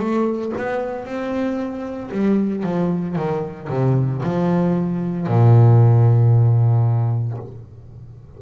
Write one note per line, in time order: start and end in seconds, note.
0.00 0.53 A3
0.58 1.05 B3
1.05 2.11 C4
2.12 2.64 G3
2.64 3.16 F3
3.16 3.69 D#3
3.70 4.22 C3
4.23 5.28 F3
5.28 7.38 A#2